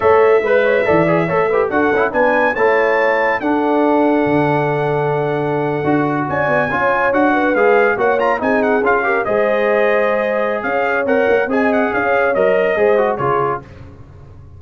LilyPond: <<
  \new Staff \with { instrumentName = "trumpet" } { \time 4/4 \tempo 4 = 141 e''1 | fis''4 gis''4 a''2 | fis''1~ | fis''2~ fis''8. gis''4~ gis''16~ |
gis''8. fis''4 f''4 fis''8 ais''8 gis''16~ | gis''16 fis''8 f''4 dis''2~ dis''16~ | dis''4 f''4 fis''4 gis''8 fis''8 | f''4 dis''2 cis''4 | }
  \new Staff \with { instrumentName = "horn" } { \time 4/4 cis''4 b'8 cis''8 d''4 cis''8 b'8 | a'4 b'4 cis''2 | a'1~ | a'2~ a'8. d''4 cis''16~ |
cis''4~ cis''16 b'4. cis''4 gis'16~ | gis'4~ gis'16 ais'8 c''2~ c''16~ | c''4 cis''2 dis''4 | cis''2 c''4 gis'4 | }
  \new Staff \with { instrumentName = "trombone" } { \time 4/4 a'4 b'4 a'8 gis'8 a'8 g'8 | fis'8 e'8 d'4 e'2 | d'1~ | d'4.~ d'16 fis'2 f'16~ |
f'8. fis'4 gis'4 fis'8 f'8 dis'16~ | dis'8. f'8 g'8 gis'2~ gis'16~ | gis'2 ais'4 gis'4~ | gis'4 ais'4 gis'8 fis'8 f'4 | }
  \new Staff \with { instrumentName = "tuba" } { \time 4/4 a4 gis4 e4 a4 | d'8 cis'8 b4 a2 | d'2 d2~ | d4.~ d16 d'4 cis'8 b8 cis'16~ |
cis'8. d'4 gis4 ais4 c'16~ | c'8. cis'4 gis2~ gis16~ | gis4 cis'4 c'8 ais8 c'4 | cis'4 fis4 gis4 cis4 | }
>>